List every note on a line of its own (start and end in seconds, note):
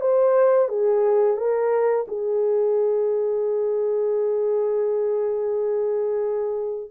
0.00 0.68 C5
0.68 1.37 G#4
1.37 2.06 A#4
2.08 6.90 G#4